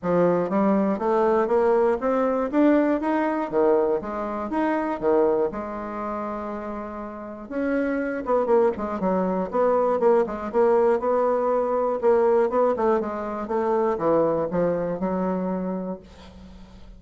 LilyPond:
\new Staff \with { instrumentName = "bassoon" } { \time 4/4 \tempo 4 = 120 f4 g4 a4 ais4 | c'4 d'4 dis'4 dis4 | gis4 dis'4 dis4 gis4~ | gis2. cis'4~ |
cis'8 b8 ais8 gis8 fis4 b4 | ais8 gis8 ais4 b2 | ais4 b8 a8 gis4 a4 | e4 f4 fis2 | }